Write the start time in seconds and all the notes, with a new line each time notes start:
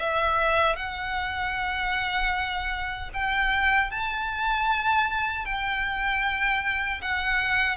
0.00 E5
0.77 F#5
3.14 G5
3.91 A5
5.45 G5
7.02 F#5